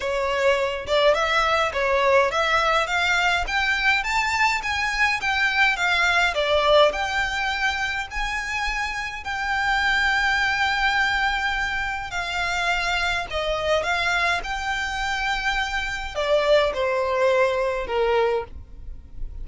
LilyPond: \new Staff \with { instrumentName = "violin" } { \time 4/4 \tempo 4 = 104 cis''4. d''8 e''4 cis''4 | e''4 f''4 g''4 a''4 | gis''4 g''4 f''4 d''4 | g''2 gis''2 |
g''1~ | g''4 f''2 dis''4 | f''4 g''2. | d''4 c''2 ais'4 | }